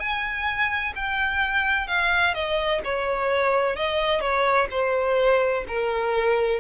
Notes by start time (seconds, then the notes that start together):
0.00 G#5
0.96 G5
1.88 F5
2.34 D#5
2.85 C#5
3.76 D#5
4.21 C#5
4.71 C5
5.68 A#4